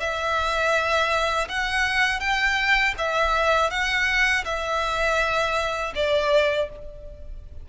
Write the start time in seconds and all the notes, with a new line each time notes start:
0.00 E5
1.48 F#5
2.20 G5
2.98 E5
3.70 F#5
4.45 E5
5.95 D5